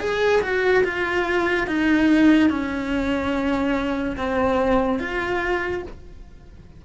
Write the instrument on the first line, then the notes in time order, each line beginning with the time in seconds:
cello
0.00 G#4
0.42 F#4
0.84 F4
1.67 D#4
2.50 C#4
4.17 C4
4.99 F4